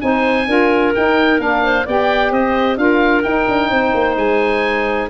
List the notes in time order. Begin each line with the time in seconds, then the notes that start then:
0.00 C4 D#4 C5 G#5
0.47 D4 F4 A#4
0.95 D#4 G5
1.38 A#3 D4 F5
1.63 C5
1.85 B3 G4 D5 G5
2.31 C4 C5 D#5
2.76 D4 F4 A#4 F5
3.22 D#4 G5
3.48 D4
3.70 C4 C5
3.94 A#3
4.16 G#3 G#5